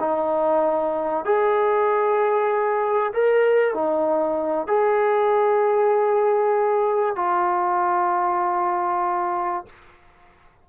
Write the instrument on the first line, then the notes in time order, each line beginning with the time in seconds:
trombone
0.00 D#4
1.25 G#4
3.14 A#4
3.74 D#4
4.68 G#4
7.16 F4